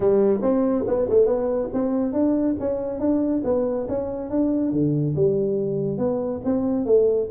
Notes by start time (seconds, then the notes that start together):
0.00 G3
0.42 C4
0.87 B3
1.09 A3
1.26 B3
1.73 C4
2.12 D4
2.59 C#4
2.99 D4
3.44 B3
3.88 C#4
4.30 D4
4.71 D3
5.15 G3
5.98 B3
6.44 C4
6.85 A3